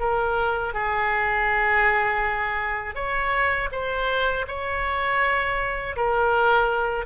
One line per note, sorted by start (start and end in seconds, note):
0.00 0.74 A#4
0.74 2.95 G#4
2.95 3.69 C#5
3.72 4.46 C5
4.48 5.96 C#5
5.96 7.06 A#4